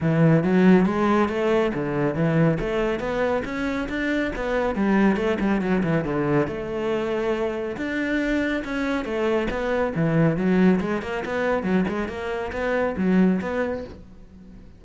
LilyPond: \new Staff \with { instrumentName = "cello" } { \time 4/4 \tempo 4 = 139 e4 fis4 gis4 a4 | d4 e4 a4 b4 | cis'4 d'4 b4 g4 | a8 g8 fis8 e8 d4 a4~ |
a2 d'2 | cis'4 a4 b4 e4 | fis4 gis8 ais8 b4 fis8 gis8 | ais4 b4 fis4 b4 | }